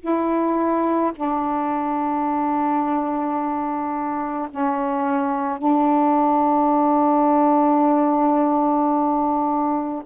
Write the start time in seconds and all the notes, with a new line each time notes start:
0.00 E4
1.15 D4
4.50 C#4
5.58 D4